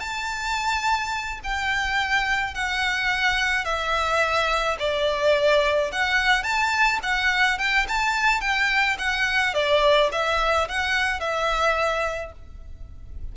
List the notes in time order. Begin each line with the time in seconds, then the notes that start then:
0.00 A5
1.44 G5
2.54 F#5
3.65 E5
4.79 D5
5.92 F#5
6.43 A5
7.03 F#5
7.59 G5
7.88 A5
8.41 G5
8.98 F#5
9.54 D5
10.12 E5
10.68 F#5
11.20 E5